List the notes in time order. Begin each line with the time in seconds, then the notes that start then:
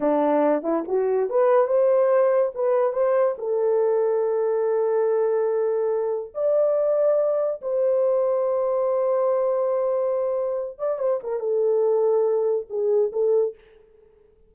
0.00 D4
0.62 E4
0.87 F#4
1.29 B4
1.67 C5
2.54 B4
2.92 C5
3.38 A4
6.34 D5
7.61 C5
10.78 D5
10.98 C5
11.23 A#4
11.39 A4
12.69 G#4
13.12 A4